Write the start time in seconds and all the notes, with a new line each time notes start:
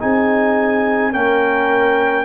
0.00 C4 D#4 G#4 G#5
1.12 A#3 C#4 A#4 G5